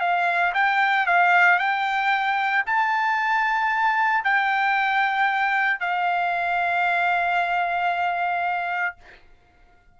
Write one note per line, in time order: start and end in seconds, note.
0.00 0.53 F5
0.54 1.06 G5
1.06 1.59 F5
1.59 2.64 G5
2.66 4.24 A5
4.24 5.80 G5
5.80 8.96 F5